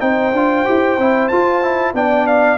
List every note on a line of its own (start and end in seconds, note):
0.00 0.33 C4
0.00 0.32 D#4
0.00 1.95 C5
0.00 1.28 G5
0.33 0.65 D4
0.33 0.65 F4
0.65 0.98 E4
0.65 0.97 G4
0.98 1.30 C4
0.98 1.31 E4
1.28 1.62 F4
1.28 1.93 F4
1.28 1.92 A5
1.62 1.94 E4
1.93 2.58 B3
1.93 2.58 D4
1.93 2.58 D5
1.93 2.27 G5
2.27 2.58 F5